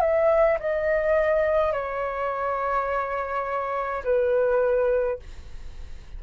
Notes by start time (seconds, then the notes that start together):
0.00 E5
0.59 D#5
1.72 C#5
4.03 B4